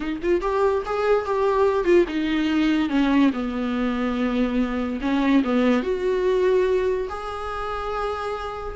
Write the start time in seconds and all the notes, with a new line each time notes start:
0.00 D#4
0.22 F4
0.41 G4
0.85 G#4
1.25 G4
1.84 F4
2.08 D#4
2.89 C#4
3.33 B3
5.01 C#4
5.44 B3
5.83 F#4
7.09 G#4